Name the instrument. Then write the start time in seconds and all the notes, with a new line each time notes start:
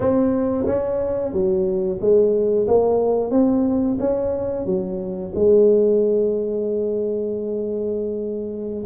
tuba
0.00 C4
0.66 C#4
1.32 F#3
2.00 G#3
2.67 A#3
3.31 C4
3.99 C#4
4.65 F#3
5.35 G#3